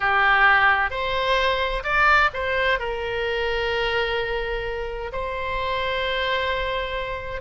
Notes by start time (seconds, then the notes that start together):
0.00 G4
0.90 C5
1.83 D5
2.33 C5
2.79 A#4
5.12 C5